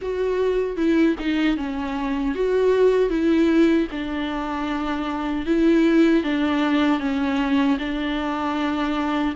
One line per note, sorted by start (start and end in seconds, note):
0.01 0.76 F#4
0.76 1.15 E4
1.19 1.57 D#4
1.57 2.34 C#4
2.34 3.09 F#4
3.09 3.87 E4
3.91 5.45 D4
5.45 6.23 E4
6.23 7.00 D4
7.00 7.77 C#4
7.78 9.34 D4